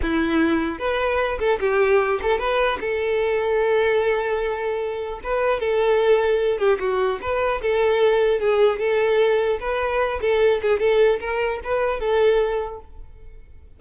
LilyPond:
\new Staff \with { instrumentName = "violin" } { \time 4/4 \tempo 4 = 150 e'2 b'4. a'8 | g'4. a'8 b'4 a'4~ | a'1~ | a'4 b'4 a'2~ |
a'8 g'8 fis'4 b'4 a'4~ | a'4 gis'4 a'2 | b'4. a'4 gis'8 a'4 | ais'4 b'4 a'2 | }